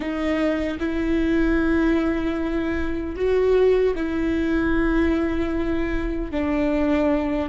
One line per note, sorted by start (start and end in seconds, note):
0.00 0.78 D#4
0.79 3.15 E4
3.15 3.94 F#4
3.95 6.31 E4
6.31 7.49 D4